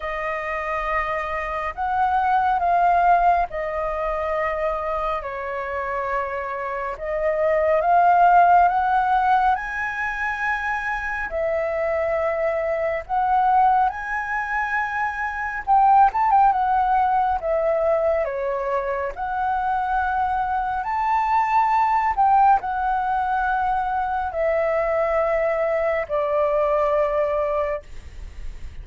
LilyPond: \new Staff \with { instrumentName = "flute" } { \time 4/4 \tempo 4 = 69 dis''2 fis''4 f''4 | dis''2 cis''2 | dis''4 f''4 fis''4 gis''4~ | gis''4 e''2 fis''4 |
gis''2 g''8 a''16 g''16 fis''4 | e''4 cis''4 fis''2 | a''4. g''8 fis''2 | e''2 d''2 | }